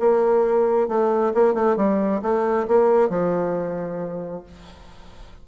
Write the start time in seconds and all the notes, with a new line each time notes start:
0.00 A#3
0.88 A3
1.34 A#3
1.54 A3
1.77 G3
2.22 A3
2.68 A#3
3.09 F3